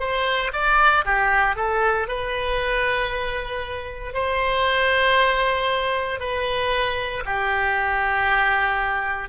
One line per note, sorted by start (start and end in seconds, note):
0.00 0.52 C5
0.53 1.05 D5
1.05 1.56 G4
1.56 2.08 A4
2.08 4.14 B4
4.14 6.20 C5
6.20 7.24 B4
7.26 9.29 G4